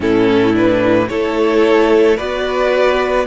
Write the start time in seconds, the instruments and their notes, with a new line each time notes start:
0.00 cello A2, viola C#4, violin E4 A4
0.53 viola D4, violin B4
1.08 cello A3, viola E4, violin A4 C#5
2.17 cello B3, viola F#4, violin B4 D5